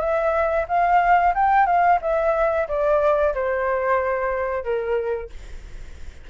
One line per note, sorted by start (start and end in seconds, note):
0.00 0.66 E5
0.68 1.34 F5
1.35 1.66 G5
1.66 1.99 F5
2.01 2.67 E5
2.68 3.34 D5
3.34 4.64 C5
4.64 5.30 A#4